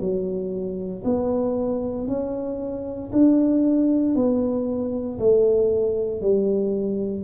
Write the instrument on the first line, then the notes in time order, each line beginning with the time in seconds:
tuba
0.00 F#3
1.04 B3
2.07 C#4
3.12 D4
4.15 B3
5.19 A3
6.21 G3